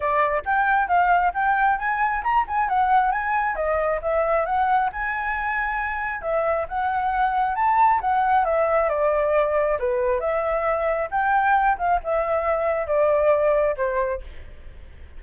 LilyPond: \new Staff \with { instrumentName = "flute" } { \time 4/4 \tempo 4 = 135 d''4 g''4 f''4 g''4 | gis''4 ais''8 gis''8 fis''4 gis''4 | dis''4 e''4 fis''4 gis''4~ | gis''2 e''4 fis''4~ |
fis''4 a''4 fis''4 e''4 | d''2 b'4 e''4~ | e''4 g''4. f''8 e''4~ | e''4 d''2 c''4 | }